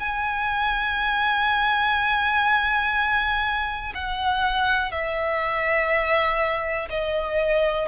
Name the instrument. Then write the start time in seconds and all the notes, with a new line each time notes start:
violin
0.00 G#5
3.95 F#5
4.92 E5
6.90 D#5